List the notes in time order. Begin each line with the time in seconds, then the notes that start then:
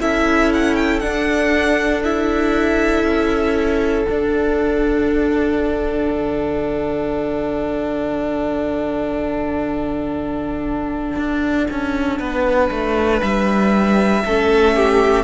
0.00 C#4 E4 A4 E5
0.53 F#5
0.75 G5
1.00 D4 F#5
2.04 E4 E5
3.04 C#4
4.07 D4 F#5
6.11 D3
11.16 D4
11.71 C#4
12.19 B3 B4
12.71 A3
13.22 G3 E5
14.25 A3 C#4 A4
14.76 G4